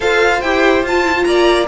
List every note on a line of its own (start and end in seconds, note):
0.00 0.42 F4
0.00 0.41 A4
0.00 1.27 C5
0.00 0.41 F5
0.41 0.83 E4
0.41 0.86 G4
0.41 0.83 G5
0.83 1.25 F4
0.83 1.05 F4
0.83 1.24 A5
1.05 1.14 E4
1.14 1.67 F4
1.24 1.67 A#3
1.24 1.67 D5
1.24 1.66 A#5